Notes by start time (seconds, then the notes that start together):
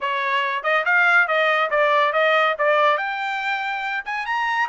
0.00 C#5
0.63 D#5
0.85 F5
1.27 D#5
1.70 D5
2.13 D#5
2.58 D5
2.97 G5
4.05 G#5
4.26 A#5